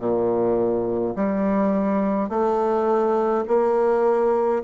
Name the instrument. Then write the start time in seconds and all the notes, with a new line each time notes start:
bassoon
0.00 A#2
1.16 G3
2.30 A3
3.48 A#3